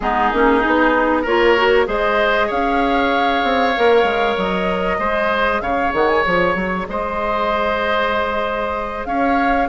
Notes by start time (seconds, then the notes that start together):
0.00 G#3 B3 D#4 G#4
0.32 A#3 C#4
0.59 D#4
0.66 B3
1.22 A#3 F4 A#4 C#5
1.56 F#4
1.85 G#3 G#4 C5 D#5
2.47 C#4 C#5 F5
3.43 C4
3.76 A#3 A#4
4.03 G#3
4.37 F#3 D#5
4.98 G#3 G#4 C5
5.61 C#3 C#5 F5
5.93 D#3 F#5
6.07 G#5
6.24 F3 C#5
6.55 F#3
6.88 G#3 C5 D#5
9.05 C#4 C#5 F5